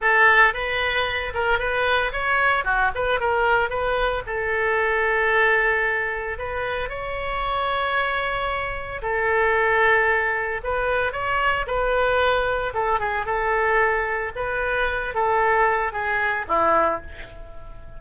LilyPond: \new Staff \with { instrumentName = "oboe" } { \time 4/4 \tempo 4 = 113 a'4 b'4. ais'8 b'4 | cis''4 fis'8 b'8 ais'4 b'4 | a'1 | b'4 cis''2.~ |
cis''4 a'2. | b'4 cis''4 b'2 | a'8 gis'8 a'2 b'4~ | b'8 a'4. gis'4 e'4 | }